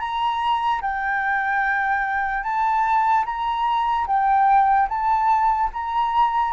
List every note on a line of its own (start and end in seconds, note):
0.00 0.81 A#5
0.81 2.43 G5
2.43 3.24 A5
3.25 4.07 A#5
4.07 4.88 G5
4.89 5.70 A5
5.73 6.53 A#5